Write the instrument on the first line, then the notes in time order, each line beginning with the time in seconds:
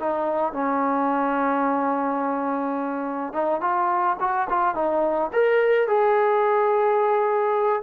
trombone
0.00 D#4
0.53 C#4
3.34 D#4
3.61 F4
4.21 F#4
4.50 F4
4.75 D#4
5.33 A#4
5.88 G#4